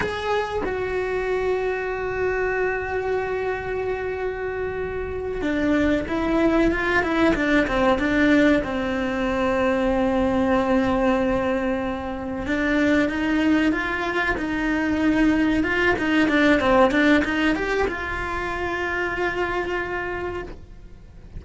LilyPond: \new Staff \with { instrumentName = "cello" } { \time 4/4 \tempo 4 = 94 gis'4 fis'2.~ | fis'1~ | fis'8 d'4 e'4 f'8 e'8 d'8 | c'8 d'4 c'2~ c'8~ |
c'2.~ c'8 d'8~ | d'8 dis'4 f'4 dis'4.~ | dis'8 f'8 dis'8 d'8 c'8 d'8 dis'8 g'8 | f'1 | }